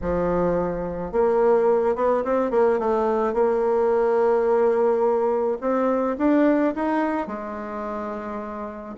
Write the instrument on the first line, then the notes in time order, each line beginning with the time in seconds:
bassoon
0.01 F3
1.12 A#3
1.95 B3
2.24 C4
2.51 A#3
2.79 A3
3.33 A#3
5.60 C4
6.18 D4
6.75 D#4
7.27 G#3